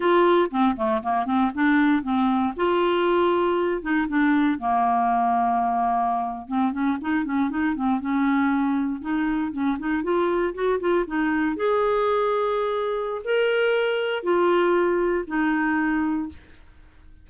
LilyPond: \new Staff \with { instrumentName = "clarinet" } { \time 4/4 \tempo 4 = 118 f'4 c'8 a8 ais8 c'8 d'4 | c'4 f'2~ f'8 dis'8 | d'4 ais2.~ | ais8. c'8 cis'8 dis'8 cis'8 dis'8 c'8 cis'16~ |
cis'4.~ cis'16 dis'4 cis'8 dis'8 f'16~ | f'8. fis'8 f'8 dis'4 gis'4~ gis'16~ | gis'2 ais'2 | f'2 dis'2 | }